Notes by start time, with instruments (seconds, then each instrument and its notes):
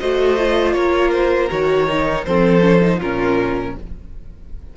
0.00 cello A3, viola F#4, violin C5 D#5
0.38 viola F4
0.73 cello A#3, violin A#4 C#5
1.12 violin C5
1.50 cello D#3, viola F#4, violin C#5
1.87 viola D#4
2.25 cello F3, viola C4, violin A4 C5
2.61 viola C#4
2.81 viola D#4
2.98 cello A#2, viola C#4, violin F4 A#4